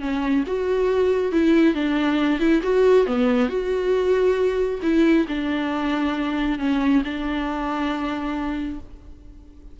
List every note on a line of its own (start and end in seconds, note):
0.00 0.44 C#4
0.47 1.32 F#4
1.32 1.74 E4
1.74 2.39 D4
2.39 2.61 E4
2.63 3.06 F#4
3.06 3.49 B3
3.49 4.80 F#4
4.82 5.26 E4
5.28 6.59 D4
6.59 7.02 C#4
7.04 8.79 D4